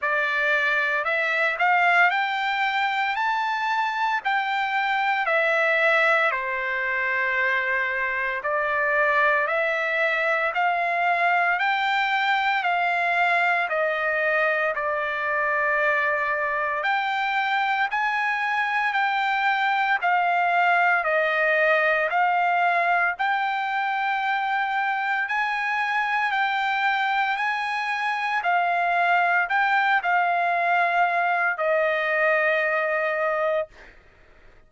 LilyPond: \new Staff \with { instrumentName = "trumpet" } { \time 4/4 \tempo 4 = 57 d''4 e''8 f''8 g''4 a''4 | g''4 e''4 c''2 | d''4 e''4 f''4 g''4 | f''4 dis''4 d''2 |
g''4 gis''4 g''4 f''4 | dis''4 f''4 g''2 | gis''4 g''4 gis''4 f''4 | g''8 f''4. dis''2 | }